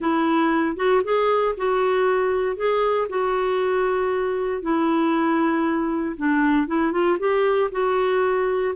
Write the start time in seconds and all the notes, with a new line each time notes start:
0.00 E4
0.76 F#4
1.03 G#4
1.57 F#4
2.56 G#4
3.09 F#4
4.62 E4
6.16 D4
6.67 E4
6.92 F4
7.19 G4
7.71 F#4